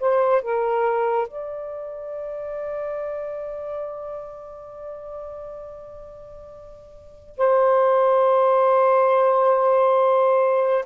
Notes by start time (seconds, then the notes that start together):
0.00 C5
0.42 A#4
1.28 D5
7.38 C5